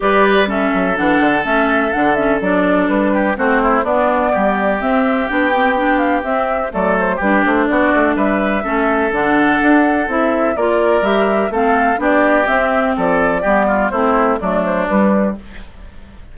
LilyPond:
<<
  \new Staff \with { instrumentName = "flute" } { \time 4/4 \tempo 4 = 125 d''4 e''4 fis''4 e''4 | fis''8 e''8 d''4 b'4 c''4 | d''2 e''4 g''4~ | g''8 f''8 e''4 d''8 c''8 b'8 c''8 |
d''4 e''2 fis''4~ | fis''4 e''4 d''4 e''4 | f''4 d''4 e''4 d''4~ | d''4 c''4 d''8 c''8 b'4 | }
  \new Staff \with { instrumentName = "oboe" } { \time 4/4 b'4 a'2.~ | a'2~ a'8 g'8 fis'8 e'8 | d'4 g'2.~ | g'2 a'4 g'4 |
fis'4 b'4 a'2~ | a'2 ais'2 | a'4 g'2 a'4 | g'8 f'8 e'4 d'2 | }
  \new Staff \with { instrumentName = "clarinet" } { \time 4/4 g'4 cis'4 d'4 cis'4 | d'8 cis'8 d'2 c'4 | b2 c'4 d'8 c'8 | d'4 c'4 a4 d'4~ |
d'2 cis'4 d'4~ | d'4 e'4 f'4 g'4 | c'4 d'4 c'2 | b4 c'4 a4 g4 | }
  \new Staff \with { instrumentName = "bassoon" } { \time 4/4 g4. fis8 e8 d8 a4 | d4 fis4 g4 a4 | b4 g4 c'4 b4~ | b4 c'4 fis4 g8 a8 |
b8 a8 g4 a4 d4 | d'4 c'4 ais4 g4 | a4 b4 c'4 f4 | g4 a4 fis4 g4 | }
>>